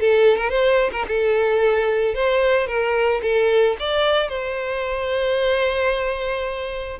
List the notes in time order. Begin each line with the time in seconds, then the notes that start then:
0.00 A4
0.37 A#4
0.50 C5
0.92 A#4
1.07 A4
2.14 C5
2.67 A#4
3.22 A4
3.79 D5
4.28 C5